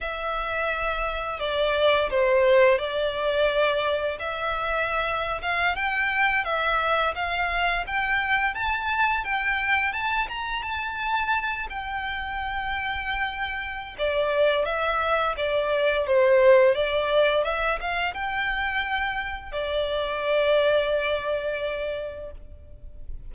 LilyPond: \new Staff \with { instrumentName = "violin" } { \time 4/4 \tempo 4 = 86 e''2 d''4 c''4 | d''2 e''4.~ e''16 f''16~ | f''16 g''4 e''4 f''4 g''8.~ | g''16 a''4 g''4 a''8 ais''8 a''8.~ |
a''8. g''2.~ g''16 | d''4 e''4 d''4 c''4 | d''4 e''8 f''8 g''2 | d''1 | }